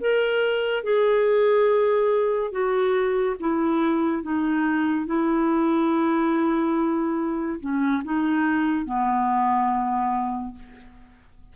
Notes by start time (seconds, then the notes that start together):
0.00 A#4
0.83 G#4
2.51 F#4
3.39 E4
4.22 D#4
5.06 E4
7.60 C#4
8.04 D#4
8.85 B3